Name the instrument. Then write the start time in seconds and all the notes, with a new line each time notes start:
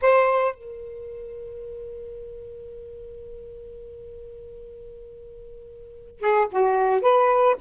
saxophone
0.01 C5
0.54 A#4
6.20 G#4
6.51 F#4
7.01 B4